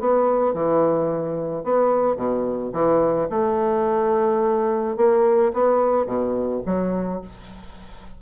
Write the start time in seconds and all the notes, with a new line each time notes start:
0.00 B3
0.54 E3
1.64 B3
2.16 B2
2.73 E3
3.30 A3
4.97 A#3
5.53 B3
6.06 B2
6.66 F#3